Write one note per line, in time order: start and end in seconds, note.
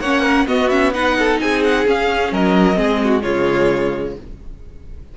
0.00 0.46 A#3
0.00 0.48 C#4
0.00 0.22 C#5
0.00 0.47 F#5
0.22 0.45 A#4
0.46 1.38 B3
0.46 0.70 B3
0.46 0.94 F#4
0.46 0.70 D#5
0.70 0.94 C#4
0.70 0.93 E5
0.94 1.87 D#4
0.94 1.18 B4
0.94 1.40 F#5
1.19 1.42 A4
1.40 1.87 C4
1.40 2.33 G#4
1.40 1.63 G#5
1.64 1.87 F#5
1.87 2.74 C#4
1.87 2.32 C#4
1.87 2.33 F5
2.32 2.78 F#3
2.32 2.78 A#4
2.32 3.22 D#5
2.74 3.24 G#3
2.74 3.20 C4
2.74 3.01 G#4
3.04 3.23 F#4
3.22 4.17 C#3
3.22 4.16 G#3
3.22 4.15 F4
3.22 4.14 C#5